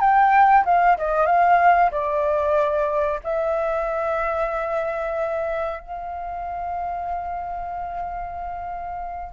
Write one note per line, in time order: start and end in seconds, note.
0.00 0.65 G5
0.65 0.97 F5
0.98 1.26 D#5
1.26 1.91 F5
1.91 3.20 D5
3.24 5.80 E5
5.80 9.33 F5